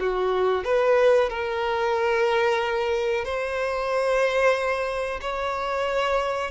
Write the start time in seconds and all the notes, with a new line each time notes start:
0.00 F#4
0.64 B4
1.30 A#4
3.25 C5
5.21 C#5